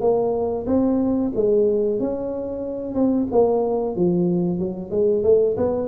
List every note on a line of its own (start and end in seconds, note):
0.00 0.65 A#3
0.66 1.31 C4
1.35 1.99 G#3
1.99 2.94 C#4
2.94 3.27 C4
3.31 3.95 A#3
3.95 4.58 F3
4.58 4.90 F#3
4.90 5.23 G#3
5.23 5.56 A3
5.56 5.88 B3